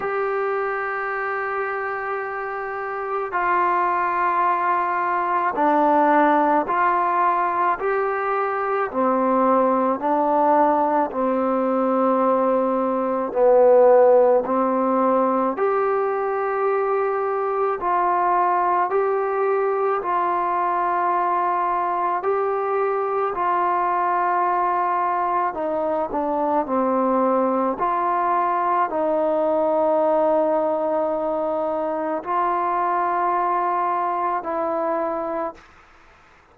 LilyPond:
\new Staff \with { instrumentName = "trombone" } { \time 4/4 \tempo 4 = 54 g'2. f'4~ | f'4 d'4 f'4 g'4 | c'4 d'4 c'2 | b4 c'4 g'2 |
f'4 g'4 f'2 | g'4 f'2 dis'8 d'8 | c'4 f'4 dis'2~ | dis'4 f'2 e'4 | }